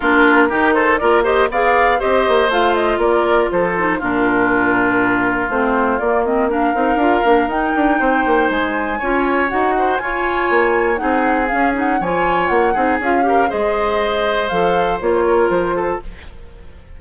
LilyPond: <<
  \new Staff \with { instrumentName = "flute" } { \time 4/4 \tempo 4 = 120 ais'4. c''8 d''8 dis''8 f''4 | dis''4 f''8 dis''8 d''4 c''4 | ais'2. c''4 | d''8 dis''8 f''2 g''4~ |
g''4 gis''2 fis''4 | gis''2 fis''4 f''8 fis''8 | gis''4 fis''4 f''4 dis''4~ | dis''4 f''4 cis''4 c''4 | }
  \new Staff \with { instrumentName = "oboe" } { \time 4/4 f'4 g'8 a'8 ais'8 c''8 d''4 | c''2 ais'4 a'4 | f'1~ | f'4 ais'2. |
c''2 cis''4. c''8 | cis''2 gis'2 | cis''4. gis'4 ais'8 c''4~ | c''2~ c''8 ais'4 a'8 | }
  \new Staff \with { instrumentName = "clarinet" } { \time 4/4 d'4 dis'4 f'8 g'8 gis'4 | g'4 f'2~ f'8 dis'8 | d'2. c'4 | ais8 c'8 d'8 dis'8 f'8 d'8 dis'4~ |
dis'2 f'4 fis'4 | f'2 dis'4 cis'8 dis'8 | f'4. dis'8 f'8 g'8 gis'4~ | gis'4 a'4 f'2 | }
  \new Staff \with { instrumentName = "bassoon" } { \time 4/4 ais4 dis4 ais4 b4 | c'8 ais8 a4 ais4 f4 | ais,2. a4 | ais4. c'8 d'8 ais8 dis'8 d'8 |
c'8 ais8 gis4 cis'4 dis'4 | f'4 ais4 c'4 cis'4 | f4 ais8 c'8 cis'4 gis4~ | gis4 f4 ais4 f4 | }
>>